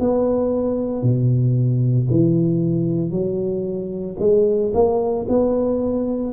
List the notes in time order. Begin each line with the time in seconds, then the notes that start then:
0.00 B3
1.03 B2
2.11 E3
3.11 F#3
4.20 G#3
4.74 A#3
5.29 B3